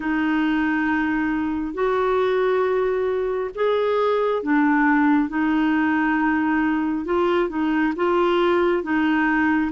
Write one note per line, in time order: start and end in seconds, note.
0.00 1.74 D#4
1.74 3.50 F#4
3.55 4.42 G#4
4.42 5.29 D4
5.29 7.05 D#4
7.05 7.49 F4
7.49 7.93 D#4
7.95 8.83 F4
8.83 9.71 D#4